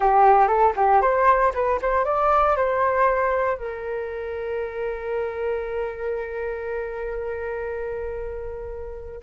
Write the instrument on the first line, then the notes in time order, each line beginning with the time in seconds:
flute
0.00 G4
0.47 A4
0.76 G4
1.01 C5
1.54 B4
1.81 C5
2.05 D5
2.56 C5
3.57 A#4